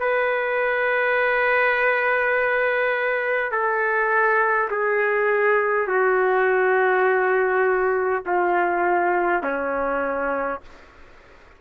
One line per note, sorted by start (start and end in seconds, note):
0.00 3.52 B4
3.52 4.70 A4
4.71 5.88 G#4
5.88 8.24 F#4
8.26 9.43 F4
9.43 10.61 C#4